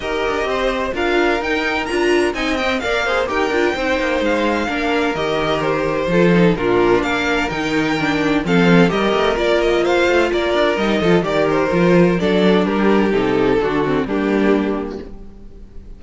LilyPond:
<<
  \new Staff \with { instrumentName = "violin" } { \time 4/4 \tempo 4 = 128 dis''2 f''4 g''4 | ais''4 gis''8 g''8 f''4 g''4~ | g''4 f''2 dis''4 | c''2 ais'4 f''4 |
g''2 f''4 dis''4 | d''8 dis''8 f''4 d''4 dis''4 | d''8 c''4. d''4 ais'4 | a'2 g'2 | }
  \new Staff \with { instrumentName = "violin" } { \time 4/4 ais'4 c''4 ais'2~ | ais'4 dis''4 d''8 c''8 ais'4 | c''2 ais'2~ | ais'4 a'4 f'4 ais'4~ |
ais'2 a'4 ais'4~ | ais'4 c''4 ais'4. a'8 | ais'2 a'4 g'4~ | g'4 fis'4 d'2 | }
  \new Staff \with { instrumentName = "viola" } { \time 4/4 g'2 f'4 dis'4 | f'4 dis'8 c'8 ais'8 gis'8 g'8 f'8 | dis'2 d'4 g'4~ | g'4 f'8 dis'8 d'2 |
dis'4 d'4 c'4 g'4 | f'2. dis'8 f'8 | g'4 f'4 d'2 | dis'4 d'8 c'8 ais2 | }
  \new Staff \with { instrumentName = "cello" } { \time 4/4 dis'8 d'8 c'4 d'4 dis'4 | d'4 c'4 ais4 dis'8 d'8 | c'8 ais8 gis4 ais4 dis4~ | dis4 f4 ais,4 ais4 |
dis2 f4 g8 a8 | ais4. a8 ais8 d'8 g8 f8 | dis4 f4 fis4 g4 | c4 d4 g2 | }
>>